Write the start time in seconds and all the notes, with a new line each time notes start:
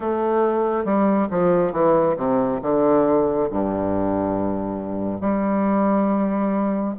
0.00 A3
0.84 G3
1.30 F3
1.72 E3
2.16 C3
2.62 D3
3.50 G2
5.20 G3